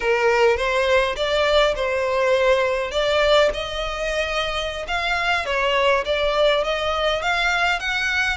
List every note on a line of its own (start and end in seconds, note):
0.00 0.56 A#4
0.56 1.15 C5
1.16 1.75 D5
1.75 2.91 C5
2.91 3.49 D5
3.53 4.86 D#5
4.87 5.45 F5
5.45 6.04 C#5
6.05 6.63 D5
6.63 7.22 D#5
7.22 7.79 F5
7.79 8.37 F#5